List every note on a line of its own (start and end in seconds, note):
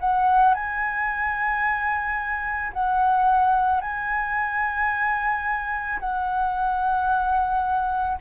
0.00 0.55 F#5
0.55 2.73 G#5
2.73 3.81 F#5
3.81 6.00 G#5
6.00 8.18 F#5